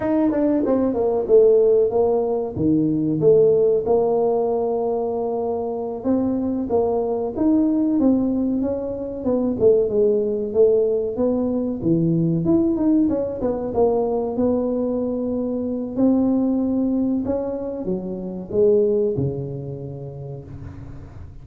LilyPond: \new Staff \with { instrumentName = "tuba" } { \time 4/4 \tempo 4 = 94 dis'8 d'8 c'8 ais8 a4 ais4 | dis4 a4 ais2~ | ais4. c'4 ais4 dis'8~ | dis'8 c'4 cis'4 b8 a8 gis8~ |
gis8 a4 b4 e4 e'8 | dis'8 cis'8 b8 ais4 b4.~ | b4 c'2 cis'4 | fis4 gis4 cis2 | }